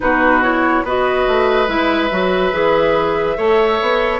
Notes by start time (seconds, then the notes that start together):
0.00 B2 D#4 F#4 B4
0.42 E4 C#5
0.83 B3 F#4 B4 D#5
1.27 A3
1.67 G#3 E4 E5
2.10 F#3 F#4
2.52 E3 G#4
3.36 A3 A4 C#5
3.81 B3